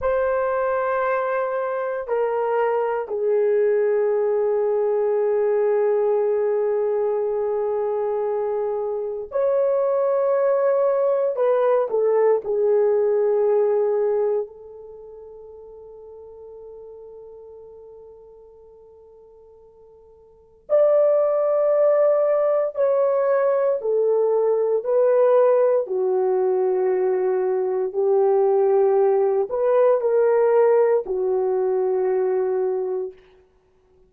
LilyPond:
\new Staff \with { instrumentName = "horn" } { \time 4/4 \tempo 4 = 58 c''2 ais'4 gis'4~ | gis'1~ | gis'4 cis''2 b'8 a'8 | gis'2 a'2~ |
a'1 | d''2 cis''4 a'4 | b'4 fis'2 g'4~ | g'8 b'8 ais'4 fis'2 | }